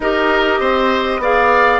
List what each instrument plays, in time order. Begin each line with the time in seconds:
0.00 bassoon D#4, clarinet G4, oboe A#4, flute D#5
0.60 bassoon C4, oboe C5
1.18 bassoon B3, clarinet G#4, oboe D5, flute F5